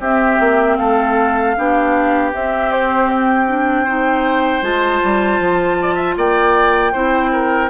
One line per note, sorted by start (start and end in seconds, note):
0.00 0.38 C4
0.00 1.57 C4
0.00 0.78 G4
0.00 0.77 E5
0.40 0.79 A#3
0.77 1.57 A3
0.77 1.56 A4
0.77 2.31 F5
1.57 2.34 B3
1.57 2.33 D4
1.57 3.85 G4
2.33 3.48 C4
2.33 4.62 C4
2.33 2.72 E5
2.72 3.10 C5
3.10 4.63 G5
3.48 3.87 D4
3.85 4.63 D#4
3.85 5.77 C5
4.62 5.01 G#3
4.62 6.93 F4
4.62 6.17 A5
5.04 5.40 G3
5.40 6.17 F3
5.82 5.95 D5
5.95 6.14 E5
6.17 6.94 A#3
6.17 6.93 D5
6.17 7.71 G5
6.93 7.71 C4
6.93 7.71 E4
6.93 7.31 C5
7.33 7.71 A#4